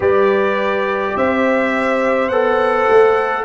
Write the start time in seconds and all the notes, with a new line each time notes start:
0.00 G3 G4 B4 D5
1.16 C4 C5 E5
2.28 B3 A4 F#5
2.89 A3